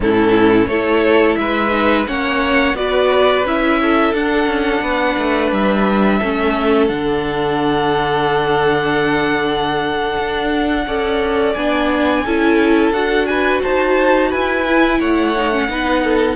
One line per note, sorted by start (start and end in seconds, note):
0.00 0.66 A2
0.00 0.70 C#4
0.00 0.69 E4
0.00 0.67 A4
0.67 1.36 A3
0.67 1.71 E4
0.67 1.38 A4
0.67 1.35 C#5
1.35 2.07 G#3
1.35 2.08 B4
1.35 2.04 E5
1.71 2.05 D#4
2.07 2.74 A#3
2.07 2.75 C#4
2.07 2.77 C#5
2.07 2.76 F#5
2.74 3.43 B3
2.74 3.44 F#4
2.74 3.81 B4
2.74 3.45 D5
3.44 4.13 C#4
3.44 4.14 E4
3.44 4.14 E5
3.81 4.83 A4
4.13 4.46 D4
4.13 6.21 D4
4.13 5.52 F#5
4.46 4.81 C#4
4.81 5.16 B3
4.81 6.19 B4
5.18 5.51 A3
5.51 6.20 G3
5.51 6.87 E5
6.19 6.89 A3
6.19 6.89 C#4
6.19 10.84 A4
6.87 10.17 D3
6.87 10.86 D4
6.87 11.53 F#5
10.18 10.86 D4
10.86 11.55 C#4
10.86 11.56 A4
10.86 12.24 D5
11.54 12.25 B3
11.54 12.25 D4
11.54 12.92 G#5
12.25 12.91 C#4
12.25 12.93 E4
12.25 13.28 A4
12.91 13.60 D4
12.91 14.66 F#4
12.91 13.26 F#5
13.26 13.62 B4
13.26 13.60 G#5
13.62 14.33 D#4
13.62 14.29 C5
13.62 14.31 A5
14.29 15.00 E4
14.29 14.98 B4
14.29 15.00 G#5
14.67 15.36 E4
14.99 15.68 A3
14.99 15.68 C#5
14.99 16.36 F#5
15.36 15.51 D#4
15.51 15.69 C#4
15.68 16.36 B3
15.68 16.36 D#4
15.68 16.03 B4
16.03 16.36 A4